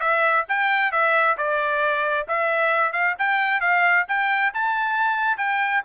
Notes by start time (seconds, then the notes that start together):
0.00 E5
0.48 G5
0.92 E5
1.37 D5
2.28 E5
2.92 F5
3.18 G5
3.60 F5
4.08 G5
4.53 A5
5.37 G5